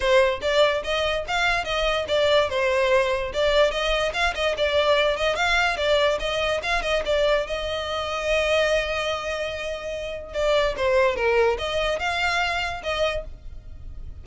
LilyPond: \new Staff \with { instrumentName = "violin" } { \time 4/4 \tempo 4 = 145 c''4 d''4 dis''4 f''4 | dis''4 d''4 c''2 | d''4 dis''4 f''8 dis''8 d''4~ | d''8 dis''8 f''4 d''4 dis''4 |
f''8 dis''8 d''4 dis''2~ | dis''1~ | dis''4 d''4 c''4 ais'4 | dis''4 f''2 dis''4 | }